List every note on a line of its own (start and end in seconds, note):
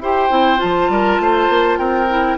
0.00 0.30 E4
0.00 0.30 G4
0.00 0.92 C5
0.00 0.61 G5
0.30 0.60 C4
0.30 0.58 E4
0.58 0.89 F3
0.58 2.06 F4
0.58 1.78 A5
0.89 1.19 G3
0.89 1.22 A#4
1.20 1.49 A3
1.20 1.79 C5
1.49 1.78 A#3
1.78 2.38 C4
1.78 2.38 A#4
1.78 2.38 G5
2.10 2.38 E4